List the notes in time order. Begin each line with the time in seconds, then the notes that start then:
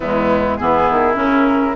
0.00 E2 G#3 B3 E4
0.56 E3 B3 E4 G#4
0.90 D#3
1.14 C#3 C#4 A#4